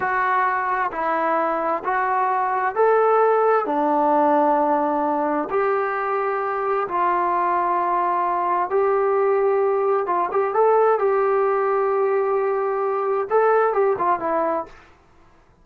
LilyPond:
\new Staff \with { instrumentName = "trombone" } { \time 4/4 \tempo 4 = 131 fis'2 e'2 | fis'2 a'2 | d'1 | g'2. f'4~ |
f'2. g'4~ | g'2 f'8 g'8 a'4 | g'1~ | g'4 a'4 g'8 f'8 e'4 | }